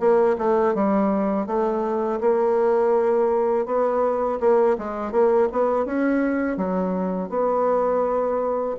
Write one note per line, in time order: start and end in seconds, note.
0.00 0.37 A#3
0.38 0.75 A3
0.75 1.47 G3
1.47 2.20 A3
2.21 3.66 A#3
3.66 4.39 B3
4.40 4.77 A#3
4.78 5.12 G#3
5.12 5.48 A#3
5.52 5.85 B3
5.85 6.57 C#4
6.57 7.29 F#3
7.29 8.76 B3